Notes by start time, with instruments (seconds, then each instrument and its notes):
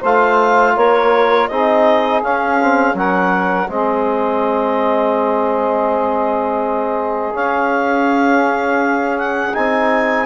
0.00 bassoon A3, trombone F4, saxophone C5, clarinet F5
0.76 bassoon A#3, saxophone A#4, clarinet C#5
1.48 bassoon C4, trombone D#4, saxophone G#4, clarinet D#5
2.23 trombone C#4, bassoon C#4, clarinet F5
2.62 trombone C4
2.94 bassoon F#3, trombone C#4, saxophone A#4, clarinet F#5
3.68 bassoon G#3, trombone C4, saxophone G#4, clarinet D#5
7.33 trombone C#4, bassoon C#4, clarinet F5
9.19 clarinet F#5
9.54 bassoon C4, trombone D#4, clarinet G#5